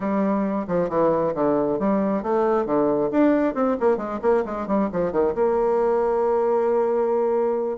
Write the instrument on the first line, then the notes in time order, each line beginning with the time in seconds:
bassoon
0.00 G3
0.67 F3
0.89 E3
1.34 D3
1.79 G3
2.23 A3
2.65 D3
3.11 D4
3.54 C4
3.80 A#3
3.97 G#3
4.21 A#3
4.45 G#3
4.67 G3
4.92 F3
5.12 D#3
5.35 A#3